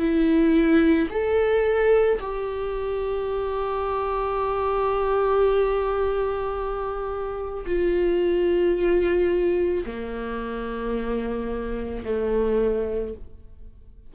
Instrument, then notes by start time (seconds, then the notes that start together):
viola
0.00 E4
1.11 A4
2.20 G4
7.67 F4
9.86 A#3
12.05 A3